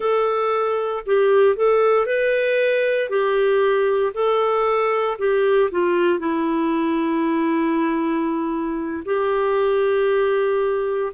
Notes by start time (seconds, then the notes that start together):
0.00 A4
1.06 G4
1.56 A4
2.05 B4
3.09 G4
4.14 A4
5.18 G4
5.71 F4
6.19 E4
9.05 G4